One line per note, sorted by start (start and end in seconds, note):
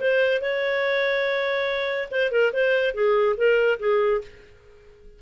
0.00 0.41 C5
0.41 2.09 C#5
2.11 2.31 C5
2.31 2.52 A#4
2.53 2.94 C5
2.94 3.36 G#4
3.37 3.79 A#4
3.80 4.21 G#4